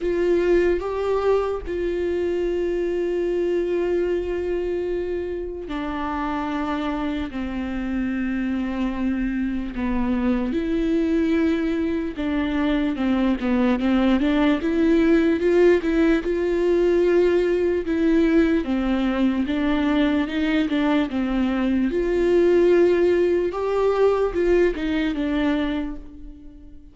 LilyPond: \new Staff \with { instrumentName = "viola" } { \time 4/4 \tempo 4 = 74 f'4 g'4 f'2~ | f'2. d'4~ | d'4 c'2. | b4 e'2 d'4 |
c'8 b8 c'8 d'8 e'4 f'8 e'8 | f'2 e'4 c'4 | d'4 dis'8 d'8 c'4 f'4~ | f'4 g'4 f'8 dis'8 d'4 | }